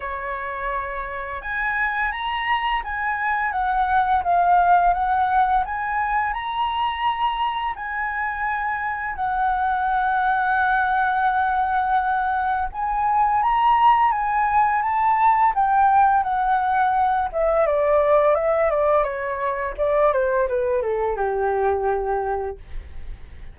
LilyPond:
\new Staff \with { instrumentName = "flute" } { \time 4/4 \tempo 4 = 85 cis''2 gis''4 ais''4 | gis''4 fis''4 f''4 fis''4 | gis''4 ais''2 gis''4~ | gis''4 fis''2.~ |
fis''2 gis''4 ais''4 | gis''4 a''4 g''4 fis''4~ | fis''8 e''8 d''4 e''8 d''8 cis''4 | d''8 c''8 b'8 a'8 g'2 | }